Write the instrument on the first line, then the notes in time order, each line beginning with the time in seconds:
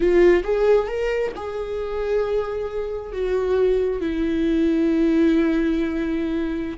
viola
0.00 F4
0.43 G#4
0.87 A#4
1.36 G#4
3.12 F#4
4.00 E4